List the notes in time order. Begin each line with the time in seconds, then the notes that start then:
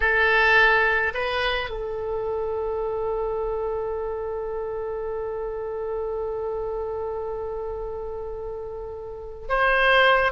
0.00 A4
1.13 B4
1.70 A4
9.49 C5